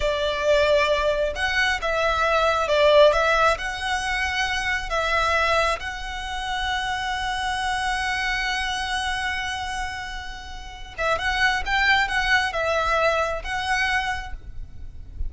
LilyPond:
\new Staff \with { instrumentName = "violin" } { \time 4/4 \tempo 4 = 134 d''2. fis''4 | e''2 d''4 e''4 | fis''2. e''4~ | e''4 fis''2.~ |
fis''1~ | fis''1~ | fis''8 e''8 fis''4 g''4 fis''4 | e''2 fis''2 | }